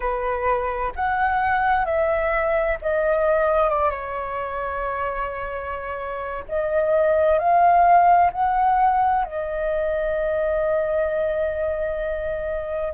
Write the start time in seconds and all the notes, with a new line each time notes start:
0.00 B4
0.95 F#5
1.85 E5
2.81 D#5
3.69 D5
3.90 C#5
6.48 D#5
7.38 F5
8.32 F#5
9.24 D#5